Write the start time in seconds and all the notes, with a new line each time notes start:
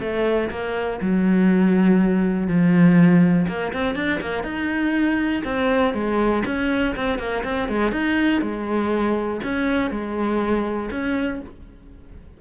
0.00 A3
0.50 A#3
1.01 F#3
2.47 F3
3.48 A#3
3.73 C4
3.95 D4
4.21 A#3
4.43 D#4
5.44 C4
5.94 G#3
6.46 C#4
6.96 C4
7.19 A#3
7.44 C4
7.68 G#3
7.92 D#4
8.41 G#3
9.43 C#4
9.91 G#3
10.91 C#4